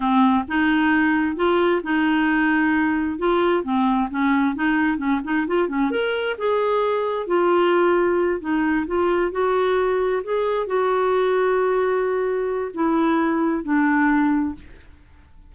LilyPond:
\new Staff \with { instrumentName = "clarinet" } { \time 4/4 \tempo 4 = 132 c'4 dis'2 f'4 | dis'2. f'4 | c'4 cis'4 dis'4 cis'8 dis'8 | f'8 cis'8 ais'4 gis'2 |
f'2~ f'8 dis'4 f'8~ | f'8 fis'2 gis'4 fis'8~ | fis'1 | e'2 d'2 | }